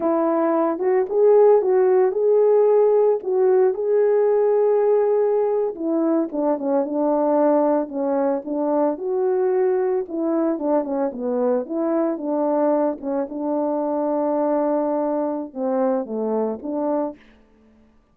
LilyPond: \new Staff \with { instrumentName = "horn" } { \time 4/4 \tempo 4 = 112 e'4. fis'8 gis'4 fis'4 | gis'2 fis'4 gis'4~ | gis'2~ gis'8. e'4 d'16~ | d'16 cis'8 d'2 cis'4 d'16~ |
d'8. fis'2 e'4 d'16~ | d'16 cis'8 b4 e'4 d'4~ d'16~ | d'16 cis'8 d'2.~ d'16~ | d'4 c'4 a4 d'4 | }